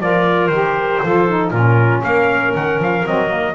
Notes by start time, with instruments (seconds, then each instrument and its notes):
0.00 double bass F3, saxophone F4, clarinet A#4, trumpet D5
0.48 double bass D#3, saxophone G4, trumpet C5
1.03 double bass F3, saxophone F4, clarinet A4
1.29 saxophone D#4
1.51 double bass A#2, saxophone C#4, clarinet F4, trumpet A#4
2.04 double bass A#3, clarinet A#4, trumpet F5
2.56 double bass D#3, trumpet F#5
2.79 double bass F3, trumpet F5
3.05 double bass F#3, saxophone C4, trumpet D#5
3.28 saxophone A#3